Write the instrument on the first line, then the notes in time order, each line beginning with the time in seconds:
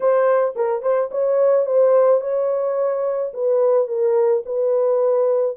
horn
0.00 C5
0.55 A#4
0.82 C5
1.11 C#5
1.66 C5
2.20 C#5
3.33 B4
3.87 A#4
4.45 B4